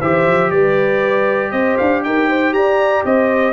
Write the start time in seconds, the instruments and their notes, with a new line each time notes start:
0.00 tuba E3, trombone G4, horn C5, trumpet E5
0.26 tuba F3
0.51 tuba G3, horn B4, trumpet D5
1.51 tuba C4, horn C5, trumpet D#5
1.77 tuba D4, trumpet F5
2.03 tuba D#4, horn A#4, trumpet G5
2.29 horn C5
2.52 tuba G4, horn D5, trumpet A#5
3.05 tuba C4, horn C5, trumpet D#5